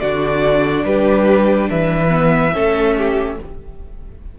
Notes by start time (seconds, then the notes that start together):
0.00 D3 D4 F#4 D5
0.85 G3 G4 B4
1.70 E3 B4 E5
2.10 B3
2.54 A3 C#4 A4
2.97 G4